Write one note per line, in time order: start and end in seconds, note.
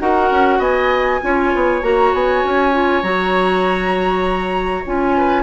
0.00 0.31 D#4
0.00 1.21 F#4
0.00 0.59 A#4
0.00 0.61 F#5
0.31 0.59 C#4
0.59 1.20 B3
0.59 1.20 D#5
0.59 1.83 G#5
1.22 1.54 C#4
1.22 1.82 F4
1.22 5.18 C#5
1.55 1.83 B3
1.82 2.13 A#3
1.82 2.73 F#4
1.82 2.14 A#5
2.14 2.44 B3
2.14 3.03 G#5
2.44 3.03 C#4
2.73 3.03 F4
3.03 4.85 F#3
3.03 4.86 F#4
3.03 4.85 A#5
4.86 5.43 C#4
4.86 5.43 F4
4.86 5.43 G#5
5.18 5.43 B4